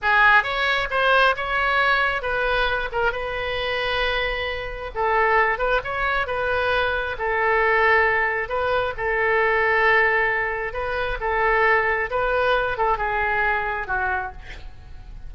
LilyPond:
\new Staff \with { instrumentName = "oboe" } { \time 4/4 \tempo 4 = 134 gis'4 cis''4 c''4 cis''4~ | cis''4 b'4. ais'8 b'4~ | b'2. a'4~ | a'8 b'8 cis''4 b'2 |
a'2. b'4 | a'1 | b'4 a'2 b'4~ | b'8 a'8 gis'2 fis'4 | }